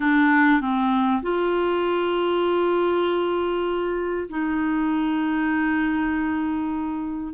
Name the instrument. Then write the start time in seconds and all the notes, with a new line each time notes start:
clarinet
0.00 D4
0.60 C4
1.22 F4
4.29 D#4